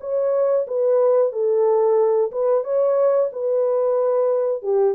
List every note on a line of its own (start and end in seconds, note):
0.00 0.66 C#5
0.67 1.32 B4
1.32 2.31 A4
2.31 2.64 B4
2.64 3.30 C#5
3.32 4.62 B4
4.62 4.95 G4